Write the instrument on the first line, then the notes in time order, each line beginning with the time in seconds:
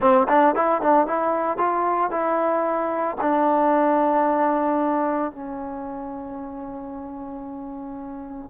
trombone
0.00 C4
0.28 D4
0.55 E4
0.81 D4
1.06 E4
1.57 F4
2.10 E4
3.21 D4
5.32 C#4